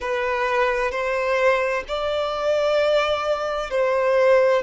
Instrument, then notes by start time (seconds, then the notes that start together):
violin
0.00 B4
0.91 C5
1.88 D5
3.70 C5